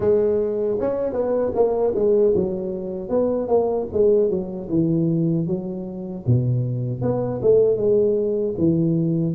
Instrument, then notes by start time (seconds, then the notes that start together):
tuba
0.00 G#3
0.80 C#4
1.13 B3
1.54 A#3
1.95 G#3
2.34 F#3
3.09 B3
3.47 A#3
3.92 G#3
4.30 F#3
4.69 E3
5.47 F#3
6.26 B2
7.01 B3
7.42 A3
7.76 G#3
8.58 E3